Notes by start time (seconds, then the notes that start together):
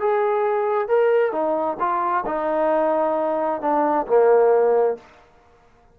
0.00 G#4
0.88 A#4
1.32 D#4
1.80 F4
2.26 D#4
3.62 D4
4.07 A#3